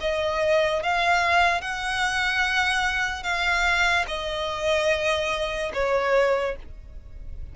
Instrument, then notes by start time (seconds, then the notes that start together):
violin
0.00 D#5
0.82 F5
1.61 F#5
3.23 F5
4.07 D#5
5.73 C#5